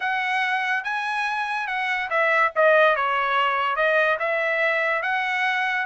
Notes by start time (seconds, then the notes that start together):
0.00 F#5
0.84 G#5
1.67 F#5
2.10 E5
2.55 D#5
2.96 C#5
3.76 D#5
4.19 E5
5.02 F#5